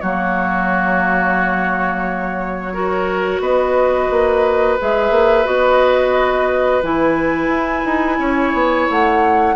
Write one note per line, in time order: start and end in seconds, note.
0.00 3.40 F#3
0.00 2.73 A#3
0.00 2.73 F#4
0.00 3.41 C#5
2.73 4.78 F#4
2.73 3.41 A#4
3.40 4.08 B3
3.40 8.18 B4
3.40 4.79 D#5
4.10 4.78 A#3
4.79 5.10 G#3
4.79 5.44 G#4
4.79 5.46 E5
5.10 5.44 A#3
5.44 6.83 B3
5.44 6.81 F#4
5.44 6.82 D#5
6.82 7.48 E3
6.82 9.55 E4
6.82 8.89 G#5
7.48 7.82 E4
7.85 8.19 D#4
8.19 8.53 C#4
8.19 9.55 C#5
8.53 8.87 B3
8.90 9.55 A3
8.90 9.55 F#5